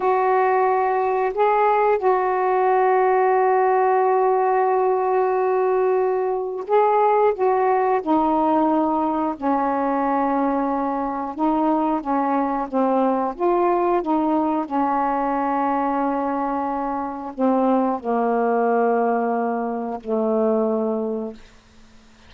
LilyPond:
\new Staff \with { instrumentName = "saxophone" } { \time 4/4 \tempo 4 = 90 fis'2 gis'4 fis'4~ | fis'1~ | fis'2 gis'4 fis'4 | dis'2 cis'2~ |
cis'4 dis'4 cis'4 c'4 | f'4 dis'4 cis'2~ | cis'2 c'4 ais4~ | ais2 a2 | }